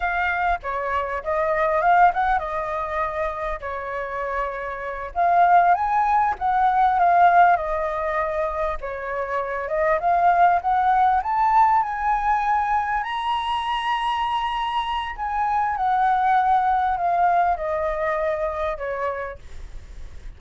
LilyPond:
\new Staff \with { instrumentName = "flute" } { \time 4/4 \tempo 4 = 99 f''4 cis''4 dis''4 f''8 fis''8 | dis''2 cis''2~ | cis''8 f''4 gis''4 fis''4 f''8~ | f''8 dis''2 cis''4. |
dis''8 f''4 fis''4 a''4 gis''8~ | gis''4. ais''2~ ais''8~ | ais''4 gis''4 fis''2 | f''4 dis''2 cis''4 | }